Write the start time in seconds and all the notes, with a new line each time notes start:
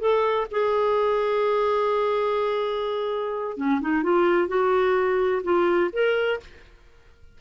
0.00 A4
0.51 G#4
3.57 C#4
3.81 D#4
4.03 F4
4.48 F#4
5.44 F4
5.93 A#4